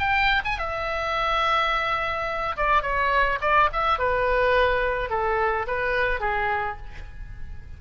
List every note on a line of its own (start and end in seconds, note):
0.00 0.42 G5
0.45 0.58 G#5
0.58 2.57 E5
2.57 2.83 D5
2.83 3.39 C#5
3.41 3.70 D5
3.73 3.99 E5
3.99 5.10 B4
5.10 5.67 A4
5.68 6.21 B4
6.21 6.77 G#4